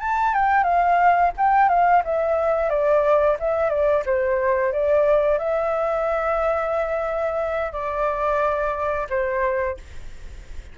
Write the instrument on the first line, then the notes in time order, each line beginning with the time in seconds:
flute
0.00 A5
0.34 G5
0.63 F5
1.37 G5
1.69 F5
2.04 E5
2.69 D5
3.39 E5
3.69 D5
4.05 C5
4.72 D5
5.38 E5
7.72 D5
9.09 C5